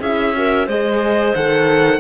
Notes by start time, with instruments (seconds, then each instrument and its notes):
0.00 cello C#4, horn E4, clarinet G#4, violin E5
0.35 horn F#4, clarinet A#4
0.67 cello G#3, horn G#4, clarinet C5, violin D#5
1.35 cello D#3, horn A4, violin F#5